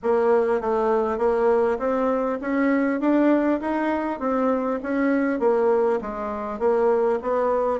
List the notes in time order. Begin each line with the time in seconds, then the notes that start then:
0.02 A#3
0.60 A3
1.18 A#3
1.78 C4
2.41 C#4
3.00 D4
3.61 D#4
4.19 C4
4.82 C#4
5.39 A#3
6.01 G#3
6.59 A#3
7.22 B3